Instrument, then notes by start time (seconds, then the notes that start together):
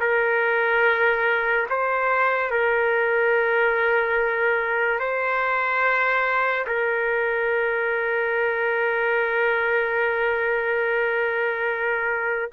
trumpet
0.00 A#4
1.69 C5
2.51 A#4
4.99 C5
6.67 A#4